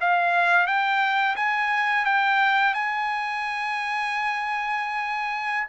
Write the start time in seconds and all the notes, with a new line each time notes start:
0.00 F5
0.66 G5
1.36 G#5
2.05 G5
2.74 G#5